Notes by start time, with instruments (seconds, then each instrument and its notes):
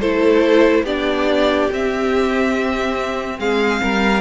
0.00 cello A3, viola E4, violin A4 C5
0.83 cello B3, viola D4, violin G4 D5
1.71 cello C4, viola C4, violin E5
3.39 cello G#3, violin G#4 F5
3.82 cello G3, violin A#4